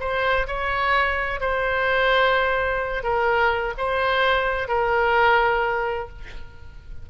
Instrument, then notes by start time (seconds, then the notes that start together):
oboe
0.00 C5
0.47 C#5
1.40 C5
3.03 A#4
3.77 C5
4.68 A#4